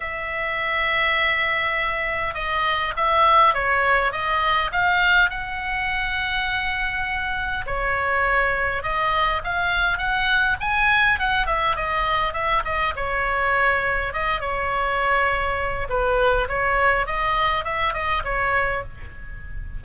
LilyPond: \new Staff \with { instrumentName = "oboe" } { \time 4/4 \tempo 4 = 102 e''1 | dis''4 e''4 cis''4 dis''4 | f''4 fis''2.~ | fis''4 cis''2 dis''4 |
f''4 fis''4 gis''4 fis''8 e''8 | dis''4 e''8 dis''8 cis''2 | dis''8 cis''2~ cis''8 b'4 | cis''4 dis''4 e''8 dis''8 cis''4 | }